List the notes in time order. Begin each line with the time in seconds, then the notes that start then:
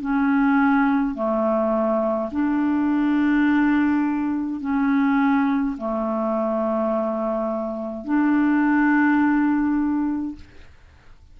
0.00 C#4
1.14 A3
2.31 D4
4.60 C#4
5.77 A3
8.05 D4